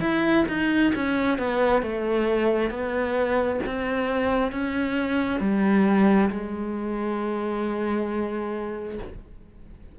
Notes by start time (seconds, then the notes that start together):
0.00 E4
0.48 D#4
0.95 C#4
1.38 B3
1.82 A3
2.70 B3
3.66 C4
4.51 C#4
5.40 G3
6.30 G#3